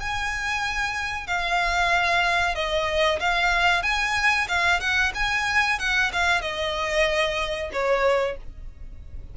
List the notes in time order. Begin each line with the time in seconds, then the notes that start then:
0.00 G#5
1.27 F5
2.55 D#5
3.20 F5
3.83 G#5
4.48 F5
4.80 F#5
5.15 G#5
5.79 F#5
6.13 F5
6.41 D#5
7.72 C#5